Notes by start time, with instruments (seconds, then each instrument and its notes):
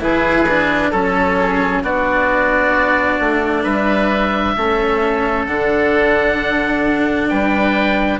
0.00 bassoon E3, cello E4, oboe G#4 B4
0.49 cello D4
0.91 bassoon F#3, cello C#4, oboe A4
1.39 oboe G#4
1.83 bassoon B3, cello D4, oboe F#4 D5
3.20 bassoon A3
3.63 bassoon G3, oboe B4 E5
4.57 bassoon A3, cello C#4, oboe A4
5.47 bassoon D3, cello D4, oboe F#5
7.29 bassoon G3, oboe B4 G5